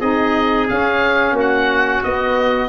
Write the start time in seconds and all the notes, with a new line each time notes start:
0.00 C4 D#4 G#4 D#5
0.69 C#4 F5
1.33 A#3 F#4
1.40 F#5
2.04 B3 D#5